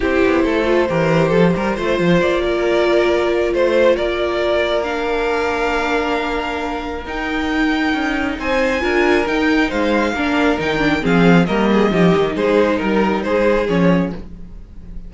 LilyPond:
<<
  \new Staff \with { instrumentName = "violin" } { \time 4/4 \tempo 4 = 136 c''1~ | c''4 d''2. | c''4 d''2 f''4~ | f''1 |
g''2. gis''4~ | gis''4 g''4 f''2 | g''4 f''4 dis''2 | c''4 ais'4 c''4 cis''4 | }
  \new Staff \with { instrumentName = "violin" } { \time 4/4 g'4 a'4 ais'4 a'8 ais'8 | c''4. ais'2~ ais'8 | c''4 ais'2.~ | ais'1~ |
ais'2. c''4 | ais'2 c''4 ais'4~ | ais'4 gis'4 ais'8 gis'8 g'4 | gis'4 ais'4 gis'2 | }
  \new Staff \with { instrumentName = "viola" } { \time 4/4 e'4. f'8 g'2 | f'1~ | f'2. d'4~ | d'1 |
dis'1 | f'4 dis'2 d'4 | dis'8 d'8 c'4 ais4 dis'4~ | dis'2. cis'4 | }
  \new Staff \with { instrumentName = "cello" } { \time 4/4 c'8 b8 a4 e4 f8 g8 | a8 f8 ais2. | a4 ais2.~ | ais1 |
dis'2 cis'4 c'4 | d'4 dis'4 gis4 ais4 | dis4 f4 g4 f8 dis8 | gis4 g4 gis4 f4 | }
>>